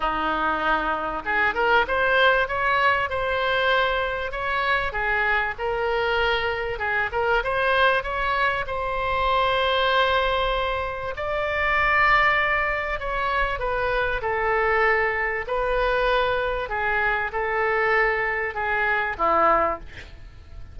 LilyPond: \new Staff \with { instrumentName = "oboe" } { \time 4/4 \tempo 4 = 97 dis'2 gis'8 ais'8 c''4 | cis''4 c''2 cis''4 | gis'4 ais'2 gis'8 ais'8 | c''4 cis''4 c''2~ |
c''2 d''2~ | d''4 cis''4 b'4 a'4~ | a'4 b'2 gis'4 | a'2 gis'4 e'4 | }